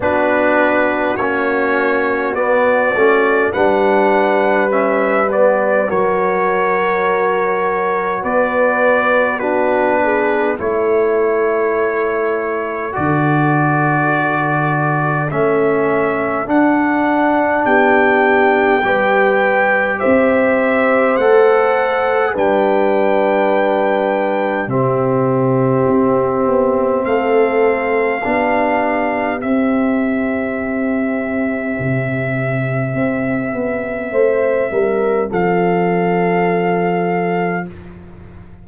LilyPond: <<
  \new Staff \with { instrumentName = "trumpet" } { \time 4/4 \tempo 4 = 51 b'4 cis''4 d''4 fis''4 | e''8 d''8 cis''2 d''4 | b'4 cis''2 d''4~ | d''4 e''4 fis''4 g''4~ |
g''4 e''4 fis''4 g''4~ | g''4 e''2 f''4~ | f''4 e''2.~ | e''2 f''2 | }
  \new Staff \with { instrumentName = "horn" } { \time 4/4 fis'2. b'4~ | b'4 ais'2 b'4 | fis'8 gis'8 a'2.~ | a'2. g'4 |
b'4 c''2 b'4~ | b'4 g'2 a'4 | g'1~ | g'4 c''8 ais'8 a'2 | }
  \new Staff \with { instrumentName = "trombone" } { \time 4/4 d'4 cis'4 b8 cis'8 d'4 | cis'8 b8 fis'2. | d'4 e'2 fis'4~ | fis'4 cis'4 d'2 |
g'2 a'4 d'4~ | d'4 c'2. | d'4 c'2.~ | c'1 | }
  \new Staff \with { instrumentName = "tuba" } { \time 4/4 b4 ais4 b8 a8 g4~ | g4 fis2 b4~ | b4 a2 d4~ | d4 a4 d'4 b4 |
g4 c'4 a4 g4~ | g4 c4 c'8 b8 a4 | b4 c'2 c4 | c'8 b8 a8 g8 f2 | }
>>